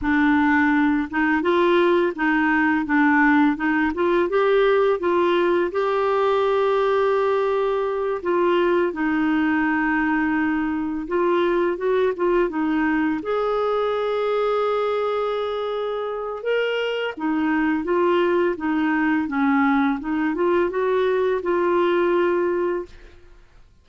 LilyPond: \new Staff \with { instrumentName = "clarinet" } { \time 4/4 \tempo 4 = 84 d'4. dis'8 f'4 dis'4 | d'4 dis'8 f'8 g'4 f'4 | g'2.~ g'8 f'8~ | f'8 dis'2. f'8~ |
f'8 fis'8 f'8 dis'4 gis'4.~ | gis'2. ais'4 | dis'4 f'4 dis'4 cis'4 | dis'8 f'8 fis'4 f'2 | }